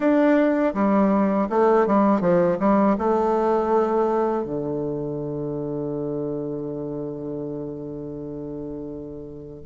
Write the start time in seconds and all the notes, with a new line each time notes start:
0.00 D4
0.74 G3
1.49 A3
1.86 G3
2.20 F3
2.59 G3
2.98 A3
4.44 D3